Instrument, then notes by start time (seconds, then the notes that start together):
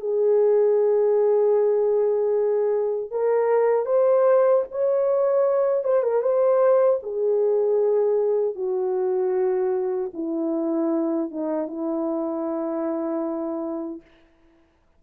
horn
0.00 G#4
3.11 A#4
3.86 C5
4.71 C#5
5.84 C5
6.03 A#4
6.22 C5
7.03 G#4
8.55 F#4
10.14 E4
11.31 D#4
11.67 E4